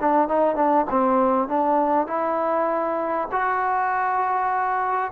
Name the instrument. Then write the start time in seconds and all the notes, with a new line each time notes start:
trombone
0.00 D4
0.28 D#4
0.55 D4
0.90 C4
1.48 D4
2.07 E4
3.32 F#4